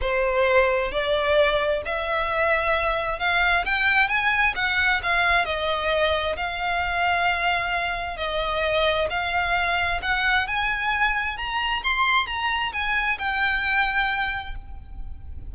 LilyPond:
\new Staff \with { instrumentName = "violin" } { \time 4/4 \tempo 4 = 132 c''2 d''2 | e''2. f''4 | g''4 gis''4 fis''4 f''4 | dis''2 f''2~ |
f''2 dis''2 | f''2 fis''4 gis''4~ | gis''4 ais''4 c'''4 ais''4 | gis''4 g''2. | }